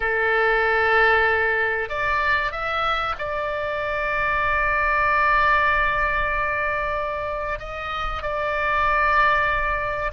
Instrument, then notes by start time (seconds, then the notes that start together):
oboe
0.00 A4
1.89 D5
2.51 E5
3.18 D5
7.59 D#5
8.22 D5